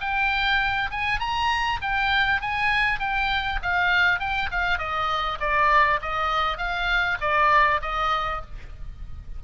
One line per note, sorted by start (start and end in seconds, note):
0.00 0.90 G5
0.91 1.19 G#5
1.19 1.79 A#5
1.81 2.41 G5
2.41 2.99 G#5
2.99 3.59 G5
3.62 4.19 F5
4.19 4.49 G5
4.51 4.78 F5
4.78 5.38 D#5
5.40 6.00 D5
6.01 6.57 D#5
6.57 7.17 F5
7.21 7.81 D5
7.81 8.41 D#5